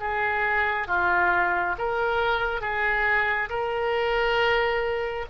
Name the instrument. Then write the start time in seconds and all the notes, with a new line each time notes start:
oboe
0.00 G#4
0.88 F4
1.78 A#4
2.61 G#4
3.49 A#4